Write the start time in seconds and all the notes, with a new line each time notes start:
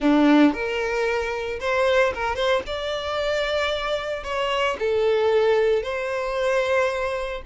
0.00 D4
0.53 A#4
1.60 C5
2.14 A#4
2.35 C5
2.66 D5
4.23 C#5
4.79 A4
5.82 C5